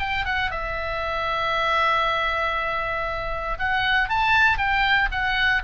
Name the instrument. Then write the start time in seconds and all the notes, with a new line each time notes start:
oboe
0.00 G5
0.25 F#5
0.51 E5
3.59 F#5
4.09 A5
4.58 G5
5.12 F#5